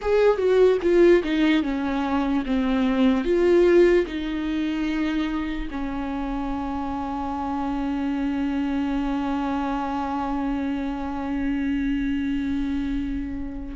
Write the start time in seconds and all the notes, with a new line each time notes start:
0.01 G#4
0.37 F#4
0.82 F4
1.23 D#4
1.62 C#4
2.45 C4
3.24 F4
4.06 D#4
5.70 C#4